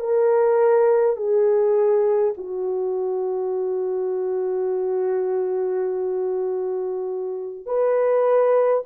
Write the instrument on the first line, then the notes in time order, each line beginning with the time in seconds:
horn
0.00 A#4
1.17 G#4
2.37 F#4
7.66 B4